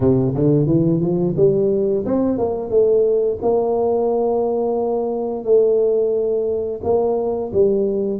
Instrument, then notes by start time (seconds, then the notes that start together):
tuba
0.00 C3
0.34 D3
0.66 E3
1.00 F3
1.36 G3
2.05 C4
2.38 A#3
2.70 A3
3.42 A#3
5.44 A3
6.83 A#3
7.52 G3